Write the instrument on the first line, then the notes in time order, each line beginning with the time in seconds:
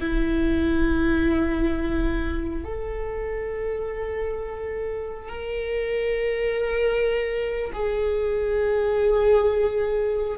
viola
0.00 E4
2.64 A4
5.29 A#4
7.73 G#4